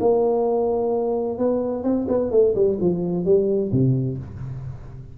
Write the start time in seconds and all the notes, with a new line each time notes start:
0.00 A#3
1.38 B3
1.83 C4
2.08 B3
2.31 A3
2.55 G3
2.81 F3
3.25 G3
3.72 C3